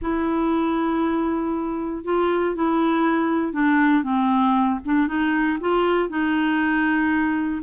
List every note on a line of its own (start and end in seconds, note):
0.01 2.04 E4
2.04 2.55 F4
2.55 3.52 E4
3.52 4.03 D4
4.03 4.79 C4
4.85 5.07 D4
5.07 5.58 D#4
5.60 6.09 F4
6.09 7.61 D#4